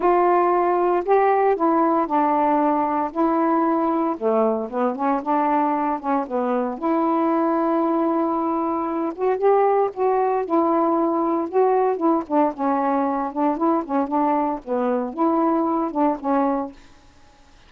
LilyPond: \new Staff \with { instrumentName = "saxophone" } { \time 4/4 \tempo 4 = 115 f'2 g'4 e'4 | d'2 e'2 | a4 b8 cis'8 d'4. cis'8 | b4 e'2.~ |
e'4. fis'8 g'4 fis'4 | e'2 fis'4 e'8 d'8 | cis'4. d'8 e'8 cis'8 d'4 | b4 e'4. d'8 cis'4 | }